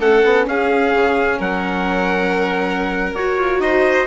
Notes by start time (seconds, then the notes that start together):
0.00 A3 C#4 A4 F#5
0.25 B3
0.47 C#4 G#4 F5
0.95 C#3
1.39 F#3 A#4 F#5
3.14 F#4 C#5
3.37 F4
3.60 D#4 C5 D#5